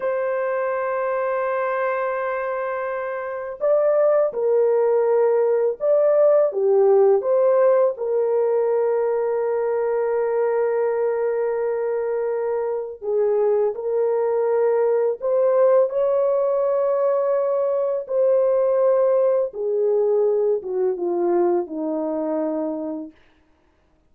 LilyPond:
\new Staff \with { instrumentName = "horn" } { \time 4/4 \tempo 4 = 83 c''1~ | c''4 d''4 ais'2 | d''4 g'4 c''4 ais'4~ | ais'1~ |
ais'2 gis'4 ais'4~ | ais'4 c''4 cis''2~ | cis''4 c''2 gis'4~ | gis'8 fis'8 f'4 dis'2 | }